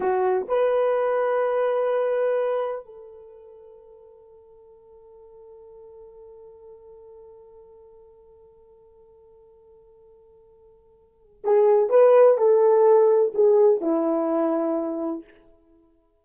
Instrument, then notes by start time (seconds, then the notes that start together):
horn
0.00 F#4
0.48 B4
2.85 A4
11.44 G#4
11.89 B4
12.37 A4
13.34 G#4
13.81 E4